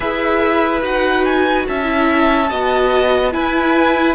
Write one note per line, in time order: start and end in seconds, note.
0.00 0.82 E4
0.00 0.81 G#4
0.00 1.66 B4
0.00 0.81 E5
0.81 1.65 D#4
0.81 1.83 F#4
0.81 1.24 F#5
1.24 1.66 G#5
1.67 2.51 C#4
1.67 2.50 E5
1.67 3.32 A5
1.83 2.46 E4
2.50 3.34 B3
2.50 3.31 F#4
2.50 3.33 D#5
3.31 4.14 E4
3.31 4.14 B4
3.31 4.14 G#5